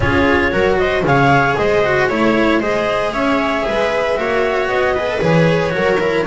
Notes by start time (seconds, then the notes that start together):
0.00 C#4 F4 G#4 C#5
0.51 F#3 F#4 A#4
0.78 C5 D#5
1.03 C#3 G#4 C#5 F5
1.56 G#3 C5 D#5
1.84 F#4
2.09 A3 E4 C#5
2.59 G#3 G#4 C5 D#5
3.11 C#4 C#5 E5
3.67 G#3 B4
4.16 A#3 F#4 C#5
4.67 B3 D#5
4.94 G#4 B4
5.07 A4
5.20 E3 G#4 C#5
5.70 F#3 F#4 A#4
5.99 E4